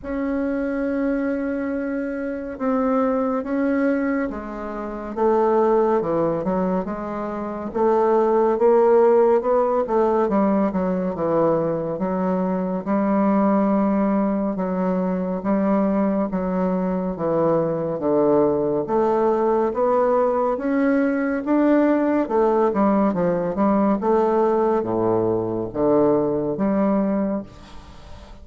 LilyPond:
\new Staff \with { instrumentName = "bassoon" } { \time 4/4 \tempo 4 = 70 cis'2. c'4 | cis'4 gis4 a4 e8 fis8 | gis4 a4 ais4 b8 a8 | g8 fis8 e4 fis4 g4~ |
g4 fis4 g4 fis4 | e4 d4 a4 b4 | cis'4 d'4 a8 g8 f8 g8 | a4 a,4 d4 g4 | }